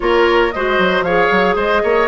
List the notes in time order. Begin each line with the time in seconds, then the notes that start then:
0.00 A#3 F4 A#4 C#5
0.51 G#3 F#4 C5 D#5
0.78 F#3
1.01 F3 G#4 C#5 F5
1.31 F#3
1.55 G#3 C5 D#5
1.83 A#3 C#5